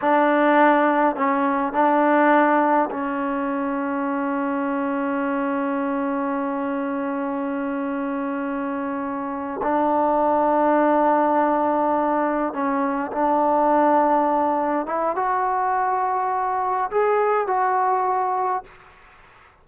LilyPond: \new Staff \with { instrumentName = "trombone" } { \time 4/4 \tempo 4 = 103 d'2 cis'4 d'4~ | d'4 cis'2.~ | cis'1~ | cis'1~ |
cis'8 d'2.~ d'8~ | d'4. cis'4 d'4.~ | d'4. e'8 fis'2~ | fis'4 gis'4 fis'2 | }